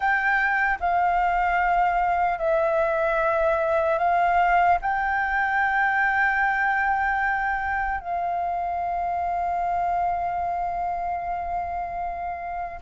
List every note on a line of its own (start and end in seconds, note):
0.00 0.78 G5
0.80 2.38 F5
2.38 3.98 E5
3.98 4.78 F5
4.81 8.00 G5
8.00 12.80 F5